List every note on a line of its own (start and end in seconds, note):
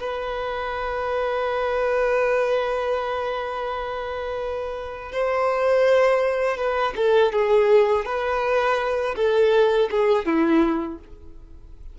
0.00 5.12 B4
5.12 6.57 C5
6.57 6.93 B4
6.96 7.32 A4
7.32 8.05 G#4
8.05 9.15 B4
9.16 9.89 A4
9.90 10.25 G#4
10.25 10.99 E4